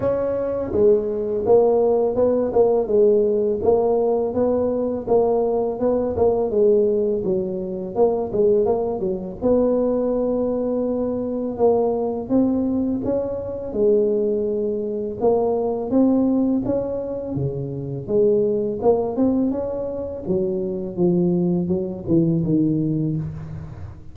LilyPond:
\new Staff \with { instrumentName = "tuba" } { \time 4/4 \tempo 4 = 83 cis'4 gis4 ais4 b8 ais8 | gis4 ais4 b4 ais4 | b8 ais8 gis4 fis4 ais8 gis8 | ais8 fis8 b2. |
ais4 c'4 cis'4 gis4~ | gis4 ais4 c'4 cis'4 | cis4 gis4 ais8 c'8 cis'4 | fis4 f4 fis8 e8 dis4 | }